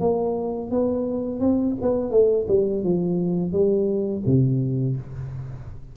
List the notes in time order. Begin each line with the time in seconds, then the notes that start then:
0.00 A#3
0.71 B3
1.40 C4
1.81 B3
2.11 A3
2.48 G3
2.83 F3
3.52 G3
4.26 C3